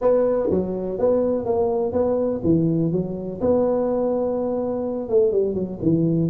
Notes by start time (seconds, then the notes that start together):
0.01 B3
0.50 F#3
0.98 B3
1.45 A#3
1.92 B3
2.43 E3
2.91 F#3
3.40 B3
5.09 A3
5.32 G3
5.54 F#3
5.82 E3